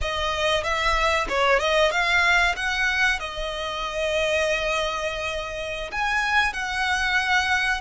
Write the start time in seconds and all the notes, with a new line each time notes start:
0.01 D#5
0.63 E5
1.29 C#5
1.59 D#5
1.91 F5
2.55 F#5
3.19 D#5
5.91 G#5
6.53 F#5